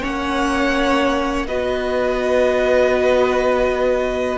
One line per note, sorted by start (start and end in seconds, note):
0.00 1.48 A#3
0.00 1.47 C#4
0.00 1.46 C#5
0.00 1.47 F#5
1.47 4.38 B3
1.47 4.38 F#4
1.47 4.38 B4
1.47 4.38 D#5